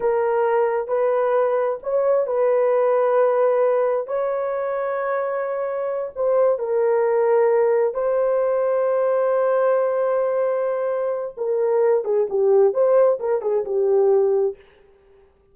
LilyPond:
\new Staff \with { instrumentName = "horn" } { \time 4/4 \tempo 4 = 132 ais'2 b'2 | cis''4 b'2.~ | b'4 cis''2.~ | cis''4. c''4 ais'4.~ |
ais'4. c''2~ c''8~ | c''1~ | c''4 ais'4. gis'8 g'4 | c''4 ais'8 gis'8 g'2 | }